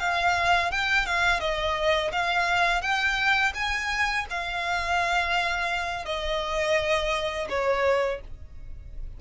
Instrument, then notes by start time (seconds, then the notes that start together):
violin
0.00 F5
0.71 G5
1.06 F5
1.40 D#5
2.12 F5
2.82 G5
3.55 G#5
4.30 F5
6.06 D#5
7.50 C#5